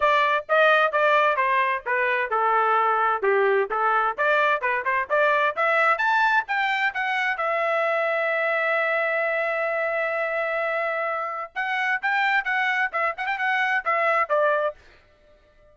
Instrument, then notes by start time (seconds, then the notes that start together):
trumpet
0.00 D5
0.48 D#5
0.92 D5
1.36 C5
1.86 B4
2.30 A4
3.22 G4
3.70 A4
4.17 D5
4.61 B4
4.84 C5
5.09 D5
5.56 E5
5.97 A5
6.47 G5
6.94 F#5
7.37 E5
11.55 F#5
12.02 G5
12.44 F#5
12.92 E5
13.17 F#5
13.26 G5
13.37 F#5
13.84 E5
14.29 D5